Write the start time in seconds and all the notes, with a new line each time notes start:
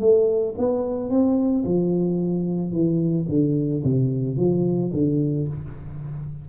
0.00 A3
0.58 B3
1.10 C4
1.65 F3
2.72 E3
3.29 D3
3.84 C3
4.37 F3
4.93 D3